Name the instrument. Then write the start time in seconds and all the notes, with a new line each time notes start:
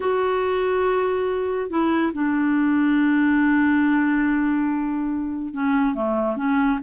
clarinet
0.00 F#4
1.70 E4
2.13 D4
5.53 C#4
5.95 A3
6.36 C#4